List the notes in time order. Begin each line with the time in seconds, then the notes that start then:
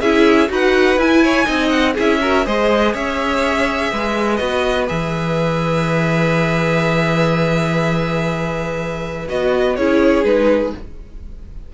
0.00 C#4 E4 G#4 E5
0.48 D#4 F#4 B4 F#5
0.97 E4 G#5
1.23 C#5
1.44 C4 D#4 D#5
1.69 F#5
1.94 C#4 E4 G#4 E5
2.21 F#4 A#4
2.45 G#3 G#4 C5 D#5
2.93 C#4 C#5 E5
3.91 G#3 B4
4.36 B3 F#4 D#5
4.87 E3 G#4 E5
9.28 B3 F#4 D#5
9.75 C#4 E4 G#4 C#5
10.24 G#3 D#4 B4